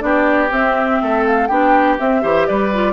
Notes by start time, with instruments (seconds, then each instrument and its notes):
0.00 bassoon B3, clarinet D4, oboe G4, flute D5
0.51 bassoon C4, clarinet C4, flute E5
1.02 bassoon A3, oboe A4
1.26 flute F5
1.47 bassoon B3, clarinet D4, oboe G4, flute G5
1.99 clarinet C4, bassoon C4, flute E5
2.22 bassoon E3, clarinet G4, oboe C5
2.47 bassoon G3, oboe B4, flute D5
2.74 clarinet F4